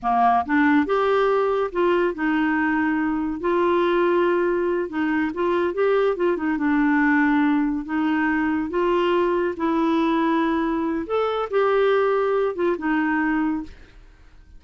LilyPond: \new Staff \with { instrumentName = "clarinet" } { \time 4/4 \tempo 4 = 141 ais4 d'4 g'2 | f'4 dis'2. | f'2.~ f'8 dis'8~ | dis'8 f'4 g'4 f'8 dis'8 d'8~ |
d'2~ d'8 dis'4.~ | dis'8 f'2 e'4.~ | e'2 a'4 g'4~ | g'4. f'8 dis'2 | }